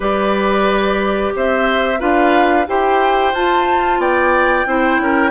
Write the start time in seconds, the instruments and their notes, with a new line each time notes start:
0.00 bassoon G3, clarinet G4, oboe B4, flute D5
1.35 bassoon C4, oboe C5, flute E5
1.99 bassoon D4, clarinet F4, oboe B4, flute F5
2.67 bassoon E4, clarinet G4, oboe C5, flute G5
3.33 bassoon F4, clarinet F4, flute A5
3.97 bassoon B3, oboe D5, flute G5
4.66 bassoon C4, clarinet E4, oboe C5
4.99 bassoon C#4, oboe A#4